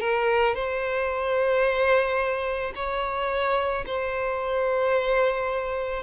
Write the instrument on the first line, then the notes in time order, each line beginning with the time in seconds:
violin
0.00 A#4
0.55 C5
2.76 C#5
3.86 C5